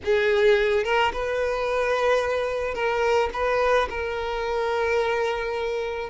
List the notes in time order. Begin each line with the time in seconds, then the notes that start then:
0.04 G#4
0.84 A#4
1.12 B4
2.74 A#4
3.33 B4
3.89 A#4